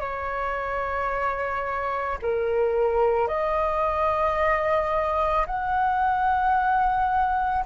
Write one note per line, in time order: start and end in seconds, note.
0.00 2.18 C#5
2.22 3.28 A#4
3.28 5.46 D#5
5.46 7.65 F#5